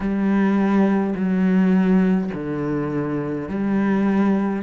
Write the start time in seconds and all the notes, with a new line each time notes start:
0.00 G3
1.15 F#3
2.33 D3
3.48 G3